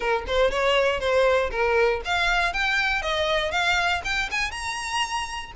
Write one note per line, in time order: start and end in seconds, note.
0.00 0.24 A#4
0.27 0.50 C5
0.50 0.99 C#5
0.99 1.50 C5
1.51 2.01 A#4
2.04 2.53 F5
2.53 3.01 G5
3.01 3.51 D#5
3.51 4.01 F5
4.04 4.29 G5
4.31 4.51 G#5
4.51 5.52 A#5